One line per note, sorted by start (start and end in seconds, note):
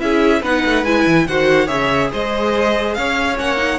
0.00 0.43 C#4
0.00 0.42 E4
0.00 0.42 G#4
0.00 0.43 E5
0.42 0.64 B3
0.42 0.86 D#4
0.42 1.26 B4
0.42 0.85 F#5
0.66 0.84 A3
0.84 1.05 G#3
0.84 1.28 E4
0.84 1.27 G#5
1.07 1.28 E3
1.28 1.69 D#3
1.28 1.67 F#4
1.28 1.67 C5
1.28 1.68 F#5
1.67 2.12 C#3
1.67 3.36 G#4
1.67 2.09 C#5
1.67 2.10 E5
2.12 2.97 G#3
2.12 2.97 C5
2.12 2.95 D#5
2.95 3.40 C#4
2.95 3.79 C#5
2.95 3.37 F5
3.37 3.79 A#3
3.37 3.58 C#4
3.37 3.79 F#5
3.58 3.79 D#4